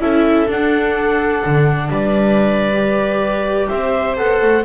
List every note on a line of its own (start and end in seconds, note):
0.00 0.48 C#4
0.00 0.47 E4
0.00 1.90 A4
0.00 0.48 E5
0.47 2.73 D4
0.47 1.43 D4
0.47 1.90 F#5
1.46 1.90 D3
1.90 3.68 G3
1.90 3.69 B4
1.90 3.68 D5
2.73 4.16 G4
3.68 4.18 C4
3.68 4.65 C5
3.68 4.16 E5
4.16 4.42 B3
4.16 4.64 A4
4.16 4.64 F#5
4.42 4.65 A3